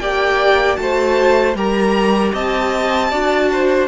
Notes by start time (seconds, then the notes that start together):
0.00 A#3 G4 D5 G5
0.76 A3 F#4 A5
0.82 C5
1.55 G3 G4 A#4 A#5
2.33 C4 D#5 A5
3.11 D4 F#4 D5
3.52 C5